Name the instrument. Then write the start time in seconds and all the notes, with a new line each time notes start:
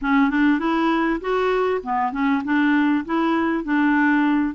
clarinet
0.01 C#4
0.30 D4
0.59 E4
1.20 F#4
1.83 B3
2.12 C#4
2.44 D4
3.05 E4
3.64 D4